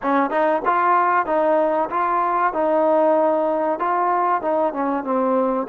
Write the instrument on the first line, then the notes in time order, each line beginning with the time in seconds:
trombone
0.02 C#4
0.30 D#4
0.65 F4
1.26 D#4
1.89 F4
2.53 D#4
3.79 F4
4.41 D#4
4.73 C#4
5.04 C4